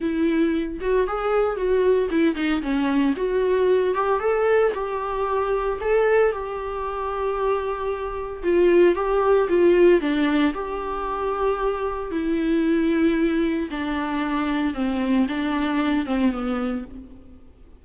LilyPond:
\new Staff \with { instrumentName = "viola" } { \time 4/4 \tempo 4 = 114 e'4. fis'8 gis'4 fis'4 | e'8 dis'8 cis'4 fis'4. g'8 | a'4 g'2 a'4 | g'1 |
f'4 g'4 f'4 d'4 | g'2. e'4~ | e'2 d'2 | c'4 d'4. c'8 b4 | }